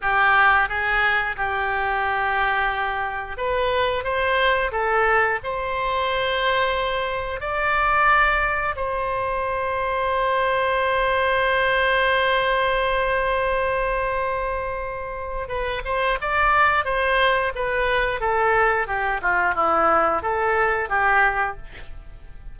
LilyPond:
\new Staff \with { instrumentName = "oboe" } { \time 4/4 \tempo 4 = 89 g'4 gis'4 g'2~ | g'4 b'4 c''4 a'4 | c''2. d''4~ | d''4 c''2.~ |
c''1~ | c''2. b'8 c''8 | d''4 c''4 b'4 a'4 | g'8 f'8 e'4 a'4 g'4 | }